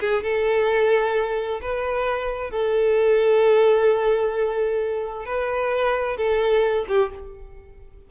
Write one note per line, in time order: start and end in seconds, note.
0.00 0.23 G#4
0.23 1.60 A4
1.61 2.51 B4
2.51 5.25 A4
5.25 6.17 B4
6.17 6.86 A4
6.88 7.11 G4